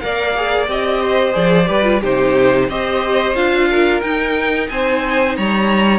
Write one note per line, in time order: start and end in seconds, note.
0.00 0.68 A#3
0.00 0.35 A#4
0.00 1.02 D5
0.00 0.67 F5
0.36 0.69 G#4
0.68 1.34 C4
0.68 1.32 G4
0.68 1.34 D#5
1.02 1.68 C5
1.32 1.69 F3
1.32 1.66 G#4
1.32 2.01 D5
1.66 2.03 G3
1.66 1.83 G4
1.66 2.01 B4
1.83 2.00 F4
2.01 2.69 C3
2.01 2.69 D#4
2.01 2.68 G4
2.01 2.69 C5
2.69 3.35 C4
2.69 3.35 G4
2.69 3.69 C5
2.69 3.35 D#5
3.35 4.02 D4
3.35 4.02 F4
3.35 4.01 F5
3.69 4.69 A#4
4.01 5.99 D#4
4.01 4.69 D#4
4.01 4.67 G5
4.69 5.37 C4
4.69 5.37 C5
4.69 5.36 G#5
5.36 5.99 G3
5.36 5.99 C#5
5.36 5.99 A#5